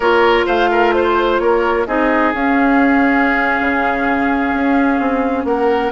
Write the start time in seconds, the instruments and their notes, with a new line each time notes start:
0.00 bassoon A#3, clarinet F4, oboe A#4, flute C#5
0.46 bassoon A3, oboe C5, flute F5
0.71 oboe A#4
0.93 flute C5, oboe C5
1.39 bassoon A#3, oboe A#4, flute C#5
1.86 bassoon C4, clarinet D#4, oboe G#4, flute D#5
2.33 bassoon C#4, clarinet C#4, flute F5
3.60 bassoon C#3
4.54 bassoon C#4
4.99 bassoon C4
5.44 bassoon A#3, oboe A#4, flute F#5